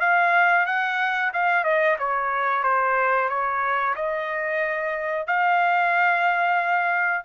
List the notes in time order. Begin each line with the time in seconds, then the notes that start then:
0.00 F5
0.66 F#5
1.33 F5
1.64 D#5
1.99 C#5
2.63 C5
3.29 C#5
3.96 D#5
5.27 F5